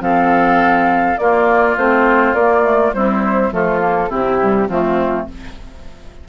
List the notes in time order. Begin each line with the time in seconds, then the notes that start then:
0.00 F3 C4 A4 F5
1.18 A#3 F4 D5
1.77 A3 C4 C5
2.34 A#3 D5
2.63 A3
2.93 G3 C4 E4 C5
3.52 F3 A3 F4 A4
3.80 A#3
4.09 C3 C4 E4 G4
4.39 G3
4.69 F3 A3 C4 F4